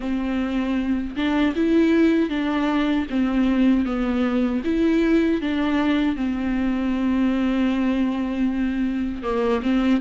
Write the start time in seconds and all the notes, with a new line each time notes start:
0.00 C4
1.16 D4
1.55 E4
2.29 D4
3.10 C4
3.85 B3
4.64 E4
5.41 D4
6.16 C4
9.23 A#3
9.62 C4